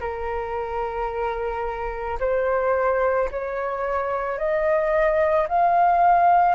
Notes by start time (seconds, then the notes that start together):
0.00 A#4
2.20 C5
3.31 C#5
4.38 D#5
5.48 F5